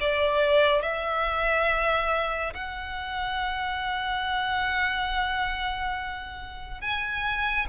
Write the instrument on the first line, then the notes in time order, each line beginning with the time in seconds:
violin
0.00 D5
0.82 E5
2.54 F#5
6.81 G#5